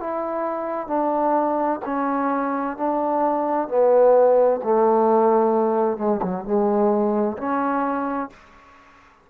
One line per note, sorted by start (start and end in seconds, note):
0.00 0.88 E4
0.88 1.80 D4
1.86 2.77 C#4
2.77 3.68 D4
3.68 4.61 B3
4.64 5.98 A3
5.98 6.21 G#3
6.22 6.45 F#3
6.45 7.37 G#3
7.38 8.30 C#4